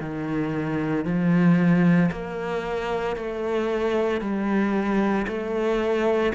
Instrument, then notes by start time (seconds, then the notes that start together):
cello
0.00 D#3
1.05 F3
2.11 A#3
3.16 A3
4.21 G3
5.27 A3